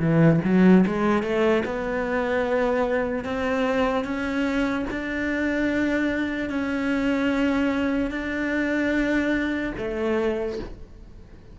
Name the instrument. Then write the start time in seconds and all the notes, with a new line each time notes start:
cello
0.00 E3
0.45 F#3
0.87 G#3
1.23 A3
1.65 B3
3.25 C4
4.05 C#4
4.91 D4
6.50 C#4
8.11 D4
9.79 A3